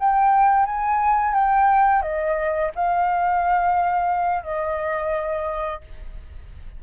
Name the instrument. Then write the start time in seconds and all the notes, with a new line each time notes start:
flute
0.00 G5
0.66 G#5
1.34 G5
2.03 D#5
2.76 F5
4.44 D#5